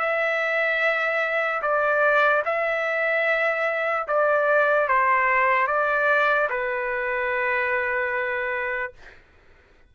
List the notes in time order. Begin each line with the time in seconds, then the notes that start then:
0.00 E5
1.62 D5
2.45 E5
4.08 D5
4.88 C5
5.68 D5
6.50 B4